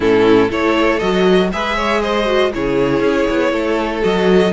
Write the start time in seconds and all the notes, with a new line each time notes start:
0.00 A2 C#4 E4 A4
0.49 A3 E4 A4 C#5
0.99 F#3 F#4 D#5
1.52 G#3 G#4 B4 E5
1.76 C#5
2.01 C5 D#5
2.25 F#4
2.53 C#3 E4 G#4 C#5
3.00 C#4
3.29 B3
3.52 A3 A4
4.01 F#3 F#4 D#5